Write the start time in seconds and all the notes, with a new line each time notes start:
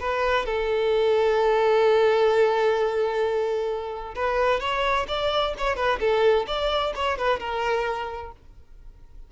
0.00 B4
0.46 A4
4.15 B4
4.60 C#5
5.08 D5
5.58 C#5
5.76 B4
6.00 A4
6.47 D5
6.95 C#5
7.18 B4
7.40 A#4